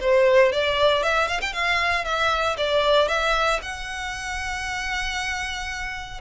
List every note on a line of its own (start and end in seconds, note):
0.00 0.52 C5
0.52 1.03 D5
1.03 1.27 E5
1.27 1.40 F5
1.41 1.53 G5
1.53 2.04 F5
2.04 2.56 E5
2.57 3.08 D5
3.08 3.59 E5
3.62 6.20 F#5